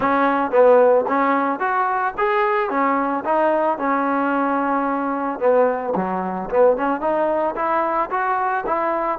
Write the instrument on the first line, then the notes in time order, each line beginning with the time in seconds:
trombone
0.00 C#4
0.51 B3
1.08 C#4
1.59 F#4
2.17 G#4
2.70 C#4
3.24 D#4
3.78 C#4
5.39 B3
5.95 F#3
6.50 B3
6.76 C#4
7.00 D#4
7.55 E4
8.10 F#4
8.66 E4